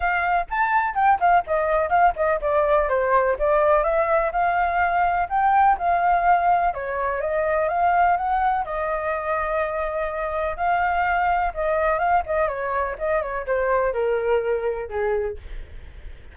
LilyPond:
\new Staff \with { instrumentName = "flute" } { \time 4/4 \tempo 4 = 125 f''4 a''4 g''8 f''8 dis''4 | f''8 dis''8 d''4 c''4 d''4 | e''4 f''2 g''4 | f''2 cis''4 dis''4 |
f''4 fis''4 dis''2~ | dis''2 f''2 | dis''4 f''8 dis''8 cis''4 dis''8 cis''8 | c''4 ais'2 gis'4 | }